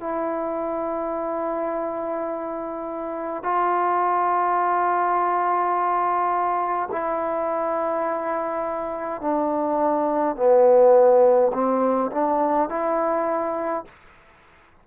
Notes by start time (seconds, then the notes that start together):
0.00 E4
3.43 F4
6.92 E4
9.21 D4
10.36 B3
11.53 C4
12.12 D4
12.69 E4